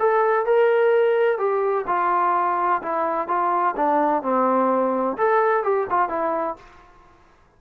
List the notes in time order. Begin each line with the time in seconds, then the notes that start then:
0.00 A4
0.46 A#4
1.39 G4
1.88 F4
2.83 E4
3.28 F4
3.76 D4
4.23 C4
5.18 A4
5.64 G4
5.90 F4
6.10 E4